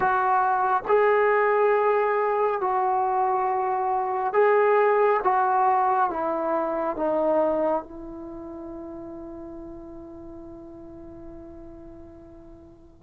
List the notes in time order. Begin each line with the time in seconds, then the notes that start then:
0.00 F#4
0.87 G#4
2.60 F#4
4.33 G#4
5.23 F#4
6.09 E4
6.96 D#4
7.82 E4